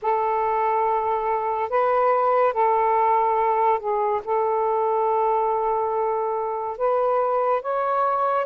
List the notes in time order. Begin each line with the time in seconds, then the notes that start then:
0.02 A4
1.69 B4
2.53 A4
3.79 G#4
4.24 A4
6.77 B4
7.61 C#5